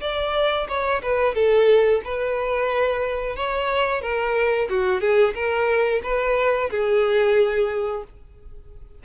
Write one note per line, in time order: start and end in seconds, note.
0.00 0.67 D5
0.68 1.02 C#5
1.02 1.35 B4
1.35 2.02 A4
2.04 3.36 B4
3.36 4.02 C#5
4.02 4.68 A#4
4.70 5.01 F#4
5.01 5.34 G#4
5.35 6.01 A#4
6.03 6.70 B4
6.70 8.03 G#4